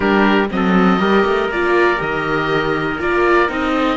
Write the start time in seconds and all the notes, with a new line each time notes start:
0.00 G3 D4 G4 A#4
0.50 F#3 C4 A4 D#5
0.99 G3 G4 A#4
1.25 A3
1.49 A#3 F4 D5
1.96 D#3 G4 D#5
2.99 A#3 F4 D5
3.48 C4 D#4 D#5
3.74 A4